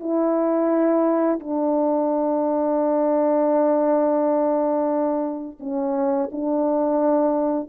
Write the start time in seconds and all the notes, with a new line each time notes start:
0.00 E4
1.40 D4
5.60 C#4
6.32 D4